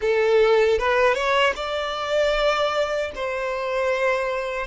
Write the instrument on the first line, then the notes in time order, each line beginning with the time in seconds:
violin
0.01 A4
0.78 B4
1.14 C#5
1.55 D5
3.15 C5